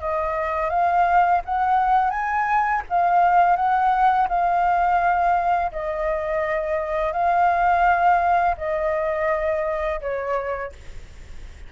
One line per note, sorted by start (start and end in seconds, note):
0.00 0.70 D#5
0.70 1.41 F5
1.45 2.10 F#5
2.10 2.82 G#5
2.89 3.56 F5
3.56 4.28 F#5
4.29 5.71 F5
5.72 7.13 D#5
7.13 8.56 F5
8.57 10.00 D#5
10.01 10.72 C#5